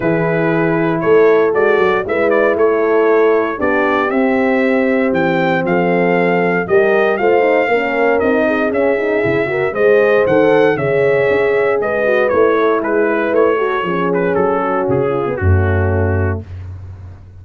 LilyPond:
<<
  \new Staff \with { instrumentName = "trumpet" } { \time 4/4 \tempo 4 = 117 b'2 cis''4 d''4 | e''8 d''8 cis''2 d''4 | e''2 g''4 f''4~ | f''4 dis''4 f''2 |
dis''4 e''2 dis''4 | fis''4 e''2 dis''4 | cis''4 b'4 cis''4. b'8 | a'4 gis'4 fis'2 | }
  \new Staff \with { instrumentName = "horn" } { \time 4/4 gis'2 a'2 | b'4 a'2 g'4~ | g'2. a'4~ | a'4 ais'4 c''4 ais'4~ |
ais'8 gis'2 ais'8 c''4~ | c''4 cis''2 b'4~ | b'8 a'8 gis'8 b'4 a'8 gis'4~ | gis'8 fis'4 f'8 cis'2 | }
  \new Staff \with { instrumentName = "horn" } { \time 4/4 e'2. fis'4 | e'2. d'4 | c'1~ | c'4 g'4 f'8 dis'8 cis'4 |
dis'4 cis'8 dis'8 e'8 fis'8 gis'4 | a'4 gis'2~ gis'8 fis'8 | e'2~ e'8 fis'8 cis'4~ | cis'4.~ cis'16 b16 a2 | }
  \new Staff \with { instrumentName = "tuba" } { \time 4/4 e2 a4 gis8 fis8 | gis4 a2 b4 | c'2 e4 f4~ | f4 g4 a4 ais4 |
c'4 cis'4 cis4 gis4 | dis4 cis4 cis'4 gis4 | a4 gis4 a4 f4 | fis4 cis4 fis,2 | }
>>